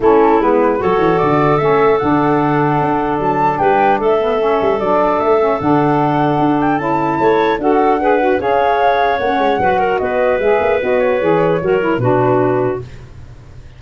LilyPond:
<<
  \new Staff \with { instrumentName = "flute" } { \time 4/4 \tempo 4 = 150 a'4 b'4 cis''4 d''4 | e''4 fis''2. | a''4 g''4 e''2 | d''4 e''4 fis''2~ |
fis''8 g''8 a''2 fis''4~ | fis''4 f''2 fis''4~ | fis''4 dis''4 e''4 dis''8 cis''8~ | cis''2 b'2 | }
  \new Staff \with { instrumentName = "clarinet" } { \time 4/4 e'2 a'2~ | a'1~ | a'4 b'4 a'2~ | a'1~ |
a'2 cis''4 a'4 | b'4 cis''2. | b'8 ais'8 b'2.~ | b'4 ais'4 fis'2 | }
  \new Staff \with { instrumentName = "saxophone" } { \time 4/4 cis'4 b4 fis'2 | cis'4 d'2.~ | d'2~ d'8 b8 cis'4 | d'4. cis'8 d'2~ |
d'4 e'2 fis'4 | gis'8 fis'8 gis'2 cis'4 | fis'2 gis'4 fis'4 | gis'4 fis'8 e'8 d'2 | }
  \new Staff \with { instrumentName = "tuba" } { \time 4/4 a4 gis4 fis8 e8 d4 | a4 d2 d'4 | fis4 g4 a4. g8 | fis4 a4 d2 |
d'4 cis'4 a4 d'4~ | d'4 cis'2 ais8 gis8 | fis4 b4 gis8 ais8 b4 | e4 fis4 b,2 | }
>>